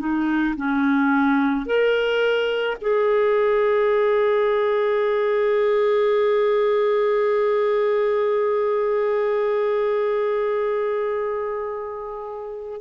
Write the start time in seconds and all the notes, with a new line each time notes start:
0.00 D#4
0.57 C#4
1.66 A#4
2.81 G#4